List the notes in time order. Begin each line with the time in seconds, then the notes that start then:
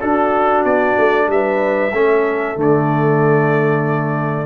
0.00 D4 F#4 A4
0.64 B3 D5
0.98 A3
1.28 G3 B4 E5
1.92 A3 C#4 A4
2.56 D3 A3 D5